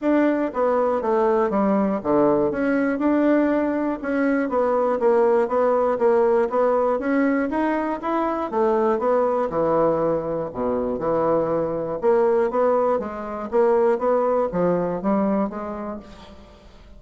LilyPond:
\new Staff \with { instrumentName = "bassoon" } { \time 4/4 \tempo 4 = 120 d'4 b4 a4 g4 | d4 cis'4 d'2 | cis'4 b4 ais4 b4 | ais4 b4 cis'4 dis'4 |
e'4 a4 b4 e4~ | e4 b,4 e2 | ais4 b4 gis4 ais4 | b4 f4 g4 gis4 | }